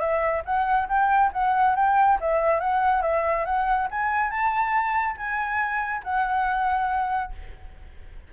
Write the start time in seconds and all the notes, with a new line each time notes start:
0.00 E5
0.45 F#5
0.89 G5
1.33 F#5
1.76 G5
2.21 E5
2.60 F#5
3.02 E5
3.45 F#5
3.91 G#5
4.30 A5
5.17 G#5
6.04 F#5